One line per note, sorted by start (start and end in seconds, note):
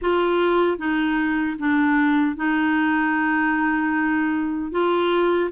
0.01 0.78 F4
0.78 1.57 D#4
1.58 2.35 D4
2.35 4.71 D#4
4.71 5.50 F4